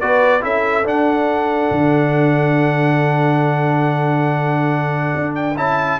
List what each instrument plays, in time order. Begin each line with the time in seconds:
0.00 tuba B3, trombone F#4, horn B4, trumpet D5
0.41 tuba C#4, trombone E4, horn A4, trumpet E5
0.84 trombone D4, tuba D4, trumpet F#5
1.71 tuba D3
5.15 tuba D4
5.35 trumpet G5
5.57 tuba C#4, trombone E4, trumpet A5